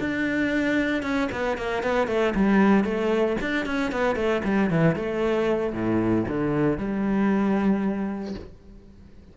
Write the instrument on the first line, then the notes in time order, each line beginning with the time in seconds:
cello
0.00 D4
1.03 C#4
1.32 B3
1.57 A#3
1.83 B3
2.08 A3
2.35 G3
2.84 A3
3.41 D4
3.66 C#4
3.92 B3
4.16 A3
4.44 G3
4.71 E3
4.96 A3
5.73 A2
6.28 D3
6.78 G3